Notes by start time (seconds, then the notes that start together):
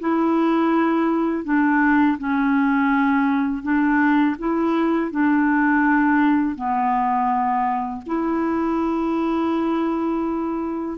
0.00 E4
1.45 D4
2.19 C#4
3.63 D4
4.39 E4
5.11 D4
6.56 B3
8.06 E4